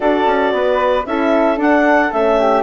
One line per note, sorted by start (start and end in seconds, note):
0.00 0.26 D4
0.00 1.04 F#4
0.00 0.53 A4
0.00 1.06 D5
0.26 0.52 C#4
0.52 1.05 B3
0.52 1.07 B4
1.06 1.58 C#4
1.06 1.56 E4
1.06 2.39 A4
1.06 1.59 E5
1.56 2.09 D4
1.56 2.11 D4
1.56 2.12 F#5
2.12 2.63 A3
2.12 2.63 C#4
2.12 2.63 E5
2.39 2.63 G4